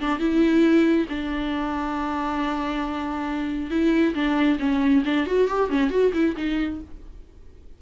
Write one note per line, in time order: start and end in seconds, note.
0.00 0.19 D4
0.19 1.07 E4
1.09 3.70 D4
3.70 4.14 E4
4.14 4.58 D4
4.59 5.03 C#4
5.05 5.27 D4
5.27 5.48 F#4
5.48 5.70 G4
5.70 5.90 C#4
5.90 6.12 F#4
6.14 6.35 E4
6.36 6.80 D#4